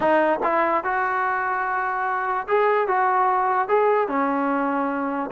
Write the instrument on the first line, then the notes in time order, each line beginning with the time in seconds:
trombone
0.00 D#4
0.43 E4
0.83 F#4
2.47 G#4
2.87 F#4
3.68 G#4
4.08 C#4